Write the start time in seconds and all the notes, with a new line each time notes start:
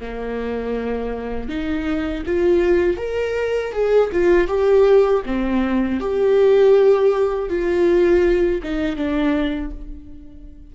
0.00 A#3
1.49 D#4
2.26 F4
2.97 A#4
3.72 G#4
4.12 F4
4.47 G4
5.26 C4
6.00 G4
7.49 F4
8.63 D#4
8.96 D4